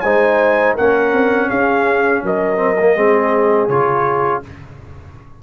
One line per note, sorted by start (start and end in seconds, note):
0.00 0.77 G#3
0.00 0.77 D#4
0.00 0.75 C5
0.00 0.73 G#5
0.75 1.13 A#3
0.75 2.56 C#4
0.75 1.48 A#4
0.75 1.49 F#5
1.13 1.49 C4
1.49 2.23 C#4
1.49 2.22 G#4
1.49 2.23 F5
2.23 2.96 F#3
2.23 2.96 A#4
2.23 3.68 D#5
2.56 2.75 C4
2.80 2.96 A#3
2.96 3.68 G#3
2.96 3.69 C4
2.96 4.43 G#4
3.68 4.42 C#3
3.68 4.43 F4
3.68 4.41 C#5